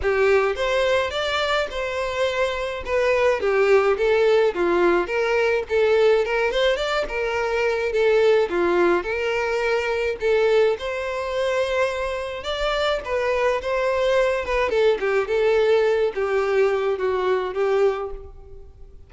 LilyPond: \new Staff \with { instrumentName = "violin" } { \time 4/4 \tempo 4 = 106 g'4 c''4 d''4 c''4~ | c''4 b'4 g'4 a'4 | f'4 ais'4 a'4 ais'8 c''8 | d''8 ais'4. a'4 f'4 |
ais'2 a'4 c''4~ | c''2 d''4 b'4 | c''4. b'8 a'8 g'8 a'4~ | a'8 g'4. fis'4 g'4 | }